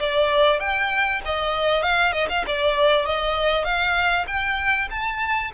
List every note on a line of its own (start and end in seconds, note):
0.00 0.60 D5
0.60 1.21 G5
1.26 1.83 D#5
1.83 2.13 F5
2.13 2.28 D#5
2.30 2.45 F5
2.47 3.06 D5
3.06 3.65 D#5
3.65 4.26 F5
4.28 4.89 G5
4.91 5.52 A5